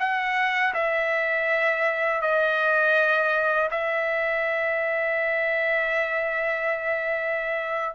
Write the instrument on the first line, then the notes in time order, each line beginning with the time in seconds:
trumpet
0.00 F#5
0.74 E5
2.22 D#5
3.71 E5